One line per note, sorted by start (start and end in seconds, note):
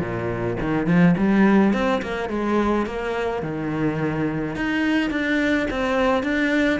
0.00 0.57 A#2
0.60 0.86 D#3
0.86 1.14 F3
1.17 1.73 G3
1.73 2.01 C4
2.02 2.29 A#3
2.29 2.86 G#3
2.86 3.42 A#3
3.42 4.56 D#3
4.56 5.10 D#4
5.10 5.67 D4
5.70 6.23 C4
6.23 6.80 D4